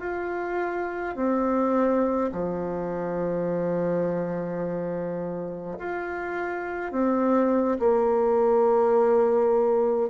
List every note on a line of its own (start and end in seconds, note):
0.00 1.15 F4
1.15 2.31 C4
2.32 5.78 F3
5.78 6.91 F4
6.91 7.78 C4
7.79 10.09 A#3